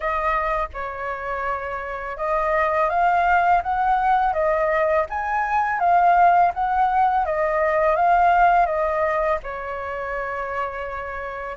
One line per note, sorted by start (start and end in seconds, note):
0.00 0.68 D#5
0.73 2.17 C#5
2.17 2.89 D#5
2.89 3.61 F5
3.62 4.33 F#5
4.33 5.05 D#5
5.09 5.79 G#5
5.79 6.52 F5
6.54 7.25 F#5
7.25 7.96 D#5
7.96 8.65 F5
8.65 9.38 D#5
9.43 11.56 C#5